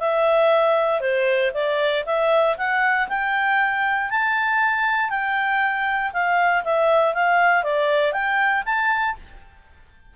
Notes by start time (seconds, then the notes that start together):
0.00 E5
1.01 C5
1.54 D5
2.06 E5
2.57 F#5
3.09 G5
4.10 A5
5.10 G5
6.13 F5
6.64 E5
7.14 F5
7.63 D5
8.13 G5
8.66 A5